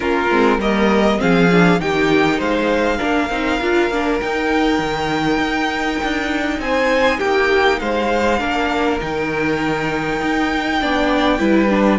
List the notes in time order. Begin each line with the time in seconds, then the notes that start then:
0.00 A#3 C#4 F4 A#4
0.30 G#3 C4
0.58 G3 A#3 A#4 D#5
1.18 F3 C4 G#4 F5
1.51 D4
1.79 D#3 D#4 G4 G5
2.37 G#3 C5 F5
2.97 A#3 D4 A#4
3.29 C4 D#4
3.61 D4 F4
3.90 A#3 D4
4.20 D#4 G5
4.78 D#3
5.37 D#4
6.02 D4
6.59 C4 C5 G#5
7.18 A#3 G4 G5
7.79 G#3 C5 F5
8.38 A#3 D4 A#4
9.00 D#3 D#4 G5
10.22 D#4
10.80 B3 D4 D5
11.38 G3 E4 B4
11.69 D4